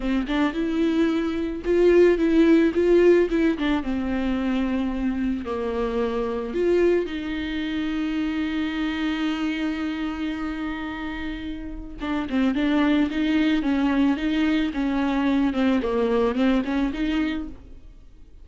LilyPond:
\new Staff \with { instrumentName = "viola" } { \time 4/4 \tempo 4 = 110 c'8 d'8 e'2 f'4 | e'4 f'4 e'8 d'8 c'4~ | c'2 ais2 | f'4 dis'2.~ |
dis'1~ | dis'2 d'8 c'8 d'4 | dis'4 cis'4 dis'4 cis'4~ | cis'8 c'8 ais4 c'8 cis'8 dis'4 | }